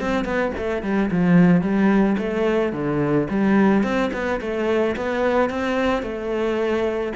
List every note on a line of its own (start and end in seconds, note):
0.00 0.24 C4
0.24 0.52 B3
0.57 0.82 A3
0.82 1.10 G3
1.11 1.61 F3
1.61 2.16 G3
2.17 2.72 A3
2.72 3.28 D3
3.30 3.83 G3
3.83 4.11 C4
4.13 4.40 B3
4.41 4.96 A3
4.96 5.50 B3
5.50 6.02 C4
6.02 7.12 A3